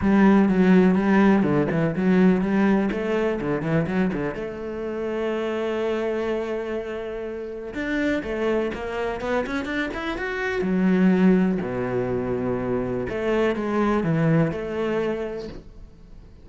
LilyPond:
\new Staff \with { instrumentName = "cello" } { \time 4/4 \tempo 4 = 124 g4 fis4 g4 d8 e8 | fis4 g4 a4 d8 e8 | fis8 d8 a2.~ | a1 |
d'4 a4 ais4 b8 cis'8 | d'8 e'8 fis'4 fis2 | b,2. a4 | gis4 e4 a2 | }